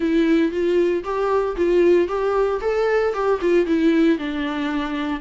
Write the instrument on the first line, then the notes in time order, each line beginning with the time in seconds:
viola
0.00 E4
0.51 F4
1.03 G4
1.56 F4
2.08 G4
2.61 A4
3.13 G4
3.41 F4
3.66 E4
4.18 D4